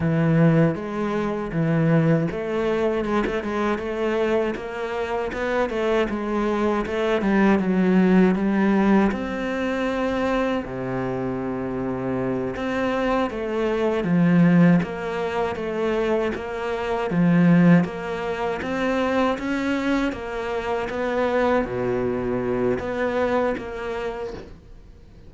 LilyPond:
\new Staff \with { instrumentName = "cello" } { \time 4/4 \tempo 4 = 79 e4 gis4 e4 a4 | gis16 a16 gis8 a4 ais4 b8 a8 | gis4 a8 g8 fis4 g4 | c'2 c2~ |
c8 c'4 a4 f4 ais8~ | ais8 a4 ais4 f4 ais8~ | ais8 c'4 cis'4 ais4 b8~ | b8 b,4. b4 ais4 | }